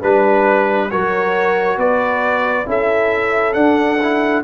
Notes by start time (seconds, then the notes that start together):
0.00 G3 D4 B4
0.90 F#3 F#4 A#4 C#5
1.77 B3 B4 D5
2.65 C#4 E4 A4 E5
3.53 D4 F#5
4.01 E4